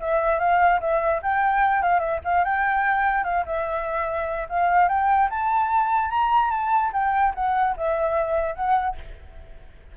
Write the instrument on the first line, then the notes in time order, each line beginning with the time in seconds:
flute
0.00 E5
0.39 F5
0.80 E5
1.22 G5
1.82 F5
1.99 E5
2.24 F5
2.45 G5
3.24 F5
3.45 E5
4.49 F5
4.88 G5
5.30 A5
6.10 A#5
6.50 A5
6.93 G5
7.35 F#5
7.77 E5
8.55 F#5